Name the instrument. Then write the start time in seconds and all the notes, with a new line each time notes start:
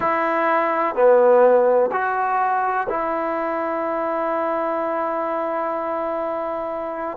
trombone
0.00 E4
0.95 B3
1.92 F#4
2.89 E4